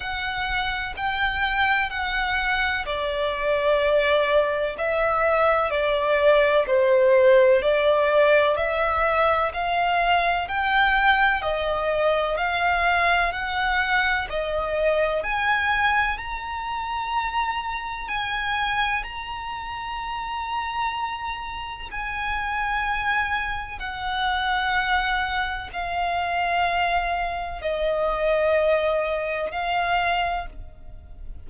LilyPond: \new Staff \with { instrumentName = "violin" } { \time 4/4 \tempo 4 = 63 fis''4 g''4 fis''4 d''4~ | d''4 e''4 d''4 c''4 | d''4 e''4 f''4 g''4 | dis''4 f''4 fis''4 dis''4 |
gis''4 ais''2 gis''4 | ais''2. gis''4~ | gis''4 fis''2 f''4~ | f''4 dis''2 f''4 | }